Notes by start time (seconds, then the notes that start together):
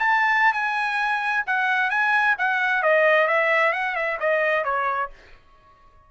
0.00 A5
0.53 G#5
1.47 F#5
1.90 G#5
2.39 F#5
2.83 D#5
3.28 E5
3.73 F#5
3.96 E5
4.20 D#5
4.65 C#5